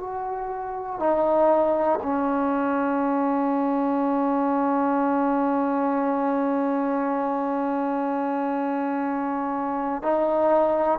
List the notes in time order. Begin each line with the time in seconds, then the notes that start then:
0.00 F#4
1.00 D#4
2.03 C#4
10.03 D#4